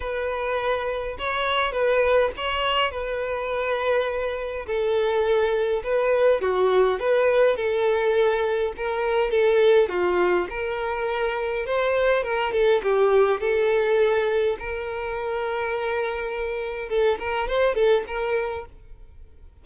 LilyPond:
\new Staff \with { instrumentName = "violin" } { \time 4/4 \tempo 4 = 103 b'2 cis''4 b'4 | cis''4 b'2. | a'2 b'4 fis'4 | b'4 a'2 ais'4 |
a'4 f'4 ais'2 | c''4 ais'8 a'8 g'4 a'4~ | a'4 ais'2.~ | ais'4 a'8 ais'8 c''8 a'8 ais'4 | }